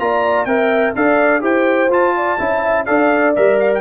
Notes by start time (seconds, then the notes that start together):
0.00 A#3 F4 D5 A#5
0.46 C4 A#4 E5 G5
0.96 D4 A4 D5 F5
1.41 E4 G4 C5 G5
1.90 F4 A5
2.17 D5
2.39 C#4 E4 E5
2.86 D4 A4 D5 F5
3.36 G3 A#4 E5
3.60 F5
3.75 G5